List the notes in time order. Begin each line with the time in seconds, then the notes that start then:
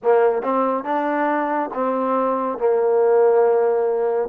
0.02 A#3
0.42 C4
0.84 D4
1.73 C4
2.58 A#3